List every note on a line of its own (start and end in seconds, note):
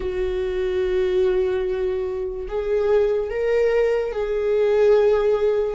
0.00 2.47 F#4
2.48 3.30 G#4
3.30 4.12 A#4
4.12 5.75 G#4